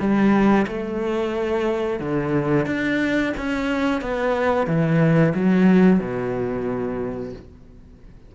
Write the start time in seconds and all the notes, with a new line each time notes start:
0.00 G3
0.68 A3
2.00 D3
2.67 D4
3.38 C#4
4.02 B3
4.67 E3
5.35 F#3
6.00 B2